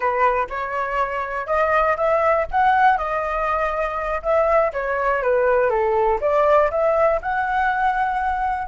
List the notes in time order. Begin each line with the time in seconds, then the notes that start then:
0.00 B4
0.49 C#5
1.47 D#5
1.96 E5
2.51 F#5
2.97 D#5
4.22 E5
4.72 C#5
5.22 B4
5.70 A4
6.20 D5
6.70 E5
7.21 F#5